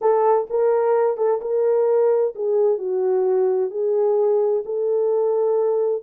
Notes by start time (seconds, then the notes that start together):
0.01 A4
0.49 A#4
1.17 A4
1.41 A#4
2.35 G#4
2.78 F#4
3.70 G#4
4.65 A4